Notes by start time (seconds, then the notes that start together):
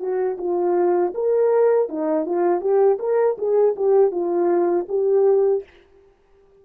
0.00 F#4
0.39 F4
1.15 A#4
1.89 D#4
2.26 F4
2.61 G4
3.00 A#4
3.38 G#4
3.76 G4
4.11 F4
4.89 G4